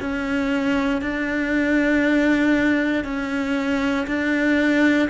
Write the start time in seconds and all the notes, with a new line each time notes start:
0.00 C#4
1.02 D4
3.05 C#4
4.07 D4